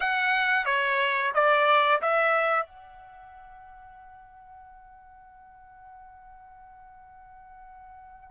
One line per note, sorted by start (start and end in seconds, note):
0.00 0.65 F#5
0.65 1.32 C#5
1.34 2.01 D5
2.01 2.66 E5
2.66 8.30 F#5